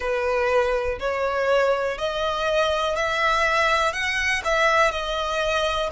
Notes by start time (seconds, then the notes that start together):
0.00 B4
0.99 C#5
1.98 D#5
2.96 E5
3.93 F#5
4.44 E5
4.91 D#5